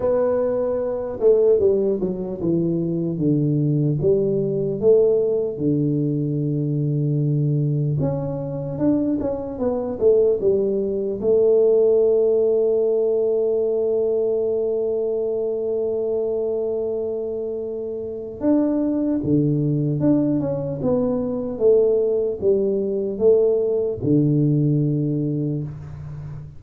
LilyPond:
\new Staff \with { instrumentName = "tuba" } { \time 4/4 \tempo 4 = 75 b4. a8 g8 fis8 e4 | d4 g4 a4 d4~ | d2 cis'4 d'8 cis'8 | b8 a8 g4 a2~ |
a1~ | a2. d'4 | d4 d'8 cis'8 b4 a4 | g4 a4 d2 | }